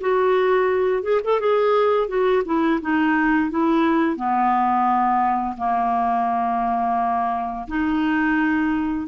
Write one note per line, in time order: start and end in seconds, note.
0.00 1.02 F#4
1.02 1.20 G#4
1.24 1.40 A4
1.40 2.07 G#4
2.07 2.42 F#4
2.45 2.80 E4
2.81 3.50 D#4
3.50 4.16 E4
4.16 5.55 B3
5.57 7.66 A#3
7.67 9.07 D#4